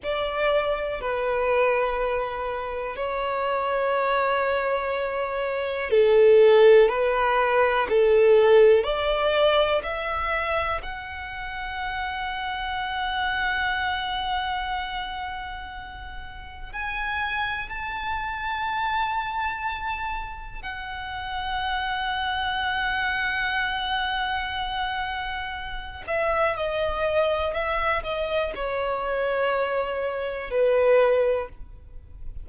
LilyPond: \new Staff \with { instrumentName = "violin" } { \time 4/4 \tempo 4 = 61 d''4 b'2 cis''4~ | cis''2 a'4 b'4 | a'4 d''4 e''4 fis''4~ | fis''1~ |
fis''4 gis''4 a''2~ | a''4 fis''2.~ | fis''2~ fis''8 e''8 dis''4 | e''8 dis''8 cis''2 b'4 | }